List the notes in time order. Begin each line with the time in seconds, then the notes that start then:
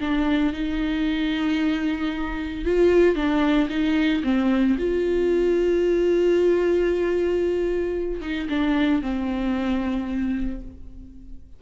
0.00 D4
0.53 D#4
2.65 F4
3.15 D4
3.69 D#4
4.23 C4
4.78 F4
8.21 D#4
8.49 D4
9.01 C4